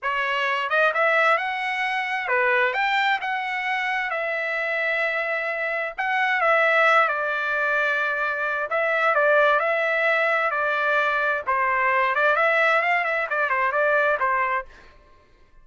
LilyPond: \new Staff \with { instrumentName = "trumpet" } { \time 4/4 \tempo 4 = 131 cis''4. dis''8 e''4 fis''4~ | fis''4 b'4 g''4 fis''4~ | fis''4 e''2.~ | e''4 fis''4 e''4. d''8~ |
d''2. e''4 | d''4 e''2 d''4~ | d''4 c''4. d''8 e''4 | f''8 e''8 d''8 c''8 d''4 c''4 | }